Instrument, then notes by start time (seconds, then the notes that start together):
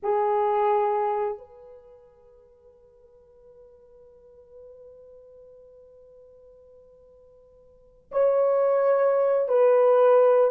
horn
0.02 G#4
1.38 B4
8.11 C#5
9.48 B4